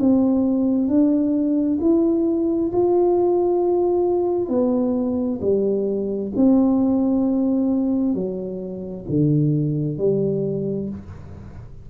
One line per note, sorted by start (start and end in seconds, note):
0.00 0.88 C4
0.88 1.79 D4
1.81 2.72 E4
2.73 4.49 F4
4.49 5.40 B3
5.42 6.33 G3
6.36 8.14 C4
8.14 9.05 F#3
9.10 9.98 D3
9.98 10.89 G3